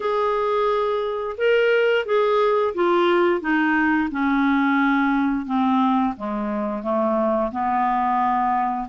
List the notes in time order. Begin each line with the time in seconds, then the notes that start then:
0.00 G#4
1.37 A#4
2.05 G#4
2.74 F4
3.41 D#4
4.11 C#4
5.45 C4
6.16 G#3
6.82 A3
7.51 B3